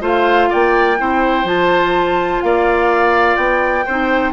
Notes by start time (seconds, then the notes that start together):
0.00 A3 F4 C5
0.06 F5
0.49 A#3 D5 G5
0.97 C4 E4 C5
1.43 F3 F4 A5
2.41 A#3 D5 F5
3.36 B3 G5
3.85 C4 D#4 C5